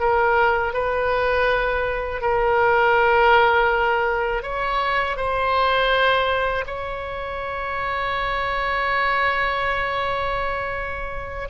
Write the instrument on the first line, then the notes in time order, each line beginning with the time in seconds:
oboe
0.00 A#4
0.74 B4
2.22 A#4
4.43 C#5
5.16 C5
6.67 C#5